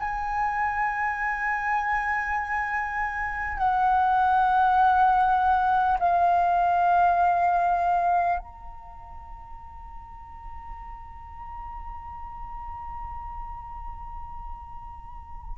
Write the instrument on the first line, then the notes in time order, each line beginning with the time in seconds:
flute
0.00 G#5
3.58 F#5
5.99 F5
8.39 A#5